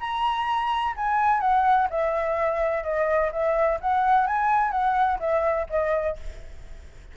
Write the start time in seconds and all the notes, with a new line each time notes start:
0.00 A#5
0.96 G#5
1.40 F#5
1.90 E5
2.83 D#5
3.32 E5
3.81 F#5
4.27 G#5
4.71 F#5
5.20 E5
5.70 D#5